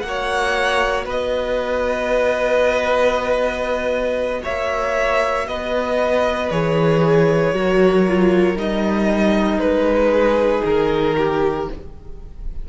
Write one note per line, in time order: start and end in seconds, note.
0.00 1.06 A#3
0.00 6.50 F#4
0.00 1.03 F#5
0.07 1.05 C#5
1.05 4.42 B3
1.05 4.41 B4
1.05 4.44 D#5
4.43 5.47 A#3
4.43 5.46 C#5
4.43 5.48 E5
5.47 6.50 B3
5.47 7.53 B4
5.47 6.50 D#5
6.50 7.53 E3
6.50 7.54 G#4
6.50 8.57 C#5
7.53 8.55 F#3
7.53 8.05 F#4
7.53 10.12 A#4
8.08 8.56 F4
8.55 9.58 G3
8.55 11.66 D#4
8.55 9.59 D#5
9.58 10.62 G#3
9.58 10.62 B4
10.12 11.16 G#4
10.65 11.68 D#3
10.65 11.69 A#4
11.17 11.69 G4